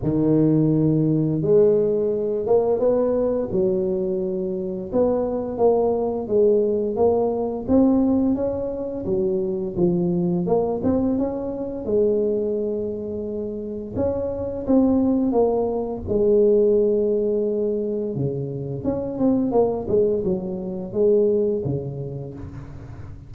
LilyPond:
\new Staff \with { instrumentName = "tuba" } { \time 4/4 \tempo 4 = 86 dis2 gis4. ais8 | b4 fis2 b4 | ais4 gis4 ais4 c'4 | cis'4 fis4 f4 ais8 c'8 |
cis'4 gis2. | cis'4 c'4 ais4 gis4~ | gis2 cis4 cis'8 c'8 | ais8 gis8 fis4 gis4 cis4 | }